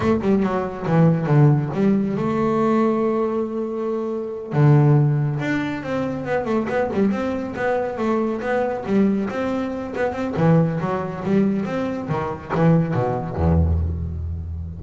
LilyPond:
\new Staff \with { instrumentName = "double bass" } { \time 4/4 \tempo 4 = 139 a8 g8 fis4 e4 d4 | g4 a2.~ | a2~ a8 d4.~ | d8 d'4 c'4 b8 a8 b8 |
g8 c'4 b4 a4 b8~ | b8 g4 c'4. b8 c'8 | e4 fis4 g4 c'4 | dis4 e4 b,4 e,4 | }